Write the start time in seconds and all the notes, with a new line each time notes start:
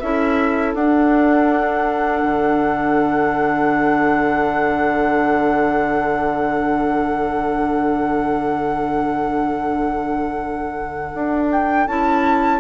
0.00 C#4 E4 A4 E5
0.74 D4 F#5
2.23 D3
11.14 D4
11.52 G5
11.87 C#4 E4 A5